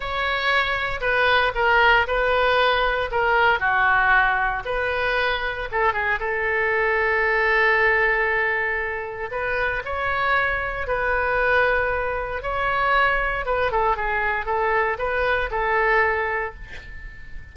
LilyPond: \new Staff \with { instrumentName = "oboe" } { \time 4/4 \tempo 4 = 116 cis''2 b'4 ais'4 | b'2 ais'4 fis'4~ | fis'4 b'2 a'8 gis'8 | a'1~ |
a'2 b'4 cis''4~ | cis''4 b'2. | cis''2 b'8 a'8 gis'4 | a'4 b'4 a'2 | }